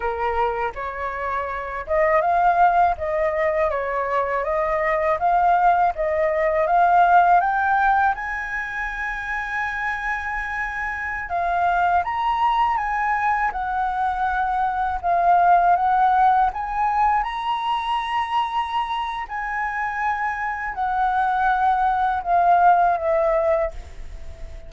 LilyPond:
\new Staff \with { instrumentName = "flute" } { \time 4/4 \tempo 4 = 81 ais'4 cis''4. dis''8 f''4 | dis''4 cis''4 dis''4 f''4 | dis''4 f''4 g''4 gis''4~ | gis''2.~ gis''16 f''8.~ |
f''16 ais''4 gis''4 fis''4.~ fis''16~ | fis''16 f''4 fis''4 gis''4 ais''8.~ | ais''2 gis''2 | fis''2 f''4 e''4 | }